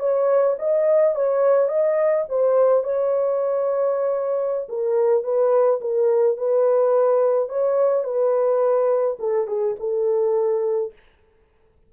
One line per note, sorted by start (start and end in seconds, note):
0.00 0.57 C#5
0.59 1.16 D#5
1.16 1.69 C#5
1.69 2.25 D#5
2.29 2.84 C5
2.84 4.68 C#5
4.69 5.24 A#4
5.24 5.80 B4
5.81 6.38 A#4
6.38 7.49 B4
7.49 8.04 C#5
8.04 9.17 B4
9.20 9.48 A4
9.48 9.76 G#4
9.80 10.93 A4